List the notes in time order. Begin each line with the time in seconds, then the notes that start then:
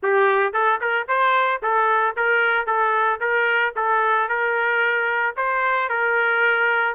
0.02 G4
0.53 A4
0.80 A#4
1.08 C5
1.62 A4
2.16 A#4
2.66 A4
3.20 A#4
3.75 A4
4.28 A#4
5.36 C5
5.89 A#4